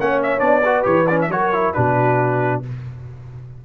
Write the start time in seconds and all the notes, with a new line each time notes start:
0.00 A#3 C#4 C#5 F#5
0.23 E5
0.39 B3 D4 D5
0.64 F#4 B4
0.83 E3 G4 C#5
1.08 C#4 D5
1.22 E5
1.29 F#3 F#4 A#4 C#5
1.53 E4
1.74 B2 D4 F#4 B4